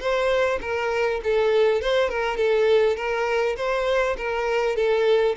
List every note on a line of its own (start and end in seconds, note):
0.00 0.59 C5
0.61 1.21 A#4
1.24 1.82 A4
1.82 2.09 C5
2.09 2.37 A#4
2.37 2.96 A4
2.96 3.56 A#4
3.57 4.17 C5
4.17 4.76 A#4
4.76 5.35 A4